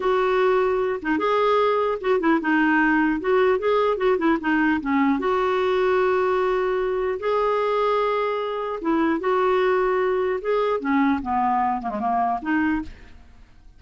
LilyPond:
\new Staff \with { instrumentName = "clarinet" } { \time 4/4 \tempo 4 = 150 fis'2~ fis'8 dis'8 gis'4~ | gis'4 fis'8 e'8 dis'2 | fis'4 gis'4 fis'8 e'8 dis'4 | cis'4 fis'2.~ |
fis'2 gis'2~ | gis'2 e'4 fis'4~ | fis'2 gis'4 cis'4 | b4. ais16 gis16 ais4 dis'4 | }